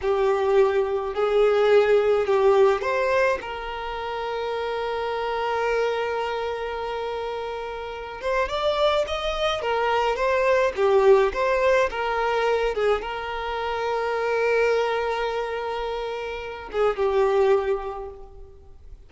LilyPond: \new Staff \with { instrumentName = "violin" } { \time 4/4 \tempo 4 = 106 g'2 gis'2 | g'4 c''4 ais'2~ | ais'1~ | ais'2~ ais'8 c''8 d''4 |
dis''4 ais'4 c''4 g'4 | c''4 ais'4. gis'8 ais'4~ | ais'1~ | ais'4. gis'8 g'2 | }